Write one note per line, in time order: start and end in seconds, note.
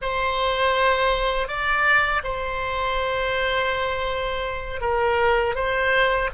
0.01 1.48 C5
1.48 2.22 D5
2.23 4.80 C5
4.80 5.55 A#4
5.55 6.29 C5